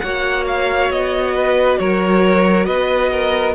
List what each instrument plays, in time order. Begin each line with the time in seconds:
0.00 cello A#3, viola F#4, violin C#5 F#5
0.47 violin F5
0.90 cello B3, violin D#5
1.35 violin B4
1.78 cello F#3, violin A#4 C#5
2.65 cello B3, violin B4 D#5
3.11 violin A#4